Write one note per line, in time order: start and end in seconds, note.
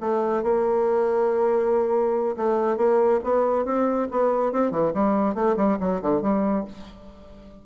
0.00 0.43 A3
0.43 2.36 A#3
2.37 2.77 A3
2.77 3.20 A#3
3.24 3.65 B3
3.65 4.08 C4
4.11 4.52 B3
4.52 4.71 C4
4.71 4.92 E3
4.94 5.34 G3
5.34 5.56 A3
5.56 5.78 G3
5.80 6.01 F#3
6.02 6.21 D3
6.21 6.64 G3